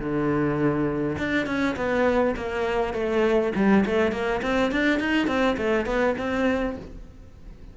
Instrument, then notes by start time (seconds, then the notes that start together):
cello
0.00 D3
1.18 D4
1.47 C#4
1.76 B3
2.37 A#3
2.94 A3
3.56 G3
3.86 A3
4.12 A#3
4.43 C4
4.72 D4
5.00 D#4
5.27 C4
5.57 A3
5.86 B3
6.18 C4